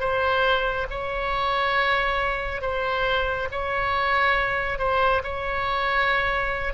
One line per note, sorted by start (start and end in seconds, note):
0.00 0.87 C5
0.91 2.62 C#5
2.62 3.49 C5
3.52 4.79 C#5
4.79 5.23 C5
5.24 6.74 C#5